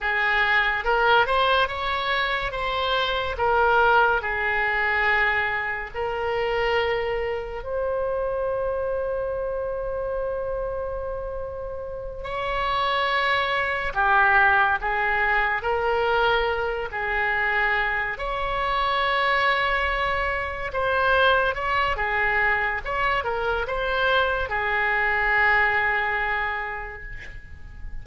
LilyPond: \new Staff \with { instrumentName = "oboe" } { \time 4/4 \tempo 4 = 71 gis'4 ais'8 c''8 cis''4 c''4 | ais'4 gis'2 ais'4~ | ais'4 c''2.~ | c''2~ c''8 cis''4.~ |
cis''8 g'4 gis'4 ais'4. | gis'4. cis''2~ cis''8~ | cis''8 c''4 cis''8 gis'4 cis''8 ais'8 | c''4 gis'2. | }